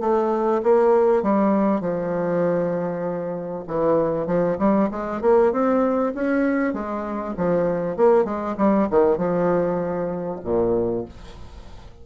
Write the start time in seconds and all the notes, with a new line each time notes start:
0.00 A3
0.63 A#3
1.22 G3
1.80 F3
3.67 E3
4.26 F3
4.58 G3
4.91 G#3
5.21 A#3
5.52 C4
6.14 C#4
6.73 G#3
7.37 F3
7.96 A#3
8.24 G#3
8.57 G3
8.90 D#3
9.17 F3
10.44 A#2